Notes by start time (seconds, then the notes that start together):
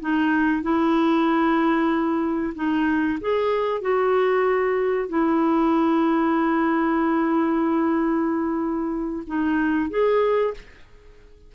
0.00 D#4
0.62 E4
2.55 D#4
3.20 G#4
3.81 F#4
5.08 E4
9.26 D#4
9.90 G#4